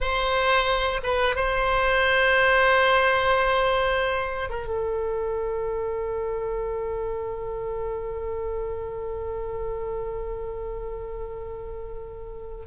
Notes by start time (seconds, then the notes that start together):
0.00 C5
1.03 B4
1.35 C5
4.49 A#4
4.66 A4